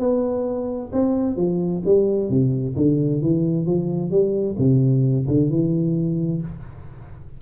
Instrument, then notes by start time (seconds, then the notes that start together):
tuba
0.00 B3
0.93 C4
1.37 F3
1.85 G3
2.30 C3
2.76 D3
3.22 E3
3.66 F3
4.11 G3
4.59 C3
5.28 D3
5.51 E3